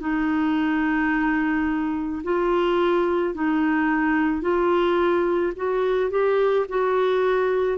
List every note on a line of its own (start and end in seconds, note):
0.00 2.22 D#4
2.24 3.34 F4
3.34 4.41 D#4
4.41 5.53 F4
5.56 6.11 F#4
6.11 6.66 G4
6.69 7.78 F#4